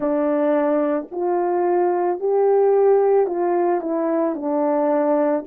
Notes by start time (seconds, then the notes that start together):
0.00 D4
1.11 F4
2.19 G4
3.26 F4
3.80 E4
4.35 D4